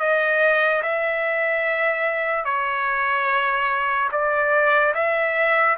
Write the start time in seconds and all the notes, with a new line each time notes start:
0.00 D#5
0.83 E5
2.45 C#5
4.12 D5
4.95 E5